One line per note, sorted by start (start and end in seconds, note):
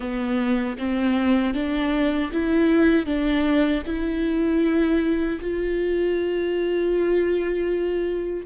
0.00 0.77 B3
0.78 1.53 C4
1.53 2.30 D4
2.32 3.06 E4
3.06 3.83 D4
3.85 5.39 E4
5.41 8.46 F4